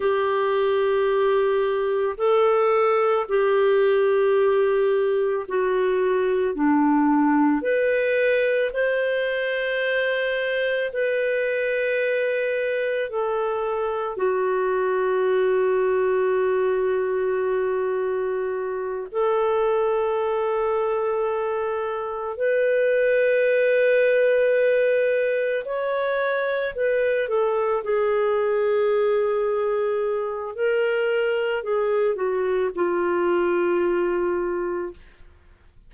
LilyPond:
\new Staff \with { instrumentName = "clarinet" } { \time 4/4 \tempo 4 = 55 g'2 a'4 g'4~ | g'4 fis'4 d'4 b'4 | c''2 b'2 | a'4 fis'2.~ |
fis'4. a'2~ a'8~ | a'8 b'2. cis''8~ | cis''8 b'8 a'8 gis'2~ gis'8 | ais'4 gis'8 fis'8 f'2 | }